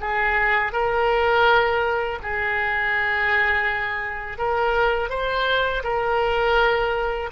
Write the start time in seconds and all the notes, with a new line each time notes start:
0.00 G#4
0.72 A#4
2.22 G#4
4.38 A#4
5.09 C5
5.83 A#4